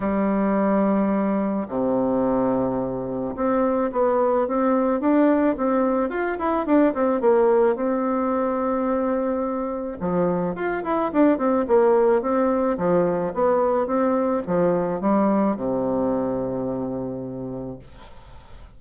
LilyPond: \new Staff \with { instrumentName = "bassoon" } { \time 4/4 \tempo 4 = 108 g2. c4~ | c2 c'4 b4 | c'4 d'4 c'4 f'8 e'8 | d'8 c'8 ais4 c'2~ |
c'2 f4 f'8 e'8 | d'8 c'8 ais4 c'4 f4 | b4 c'4 f4 g4 | c1 | }